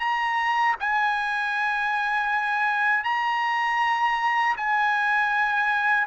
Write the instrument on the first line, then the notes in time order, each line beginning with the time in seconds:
trumpet
0.00 A#5
0.80 G#5
3.04 A#5
4.57 G#5